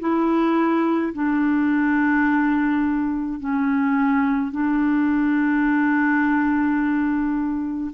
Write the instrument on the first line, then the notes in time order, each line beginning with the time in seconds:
clarinet
0.00 E4
1.13 D4
3.40 C#4
4.51 D4